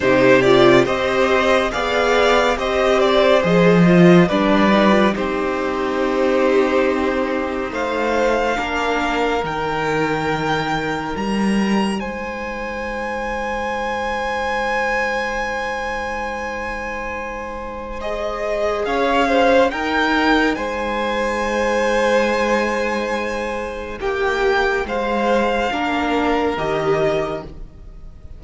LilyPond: <<
  \new Staff \with { instrumentName = "violin" } { \time 4/4 \tempo 4 = 70 c''8 d''8 dis''4 f''4 dis''8 d''8 | dis''4 d''4 c''2~ | c''4 f''2 g''4~ | g''4 ais''4 gis''2~ |
gis''1~ | gis''4 dis''4 f''4 g''4 | gis''1 | g''4 f''2 dis''4 | }
  \new Staff \with { instrumentName = "violin" } { \time 4/4 g'4 c''4 d''4 c''4~ | c''4 b'4 g'2~ | g'4 c''4 ais'2~ | ais'2 c''2~ |
c''1~ | c''2 cis''8 c''8 ais'4 | c''1 | g'4 c''4 ais'2 | }
  \new Staff \with { instrumentName = "viola" } { \time 4/4 dis'8 f'8 g'4 gis'4 g'4 | gis'8 f'8 d'8 dis'16 f'16 dis'2~ | dis'2 d'4 dis'4~ | dis'1~ |
dis'1~ | dis'4 gis'2 dis'4~ | dis'1~ | dis'2 d'4 g'4 | }
  \new Staff \with { instrumentName = "cello" } { \time 4/4 c4 c'4 b4 c'4 | f4 g4 c'2~ | c'4 a4 ais4 dis4~ | dis4 g4 gis2~ |
gis1~ | gis2 cis'4 dis'4 | gis1 | ais4 gis4 ais4 dis4 | }
>>